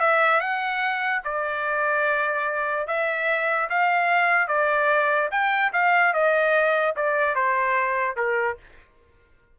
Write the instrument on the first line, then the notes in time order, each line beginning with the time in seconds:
trumpet
0.00 E5
0.41 F#5
1.24 D5
2.87 E5
3.70 F5
4.48 D5
5.31 G5
5.73 F5
6.14 D#5
6.96 D5
7.35 C5
8.17 A#4